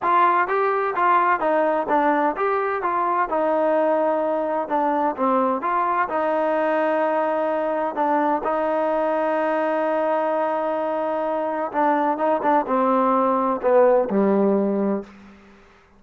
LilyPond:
\new Staff \with { instrumentName = "trombone" } { \time 4/4 \tempo 4 = 128 f'4 g'4 f'4 dis'4 | d'4 g'4 f'4 dis'4~ | dis'2 d'4 c'4 | f'4 dis'2.~ |
dis'4 d'4 dis'2~ | dis'1~ | dis'4 d'4 dis'8 d'8 c'4~ | c'4 b4 g2 | }